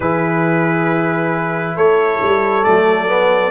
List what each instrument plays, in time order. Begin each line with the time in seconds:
0.00 tuba E3, trombone E4, horn G#4, trumpet B4
1.76 tuba A3, horn A4, trumpet C#5
2.21 tuba G3
2.63 tuba F#3, trombone A3, trumpet D5
3.08 trombone B3